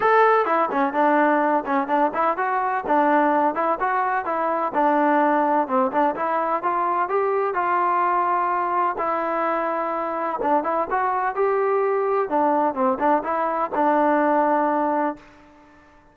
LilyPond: \new Staff \with { instrumentName = "trombone" } { \time 4/4 \tempo 4 = 127 a'4 e'8 cis'8 d'4. cis'8 | d'8 e'8 fis'4 d'4. e'8 | fis'4 e'4 d'2 | c'8 d'8 e'4 f'4 g'4 |
f'2. e'4~ | e'2 d'8 e'8 fis'4 | g'2 d'4 c'8 d'8 | e'4 d'2. | }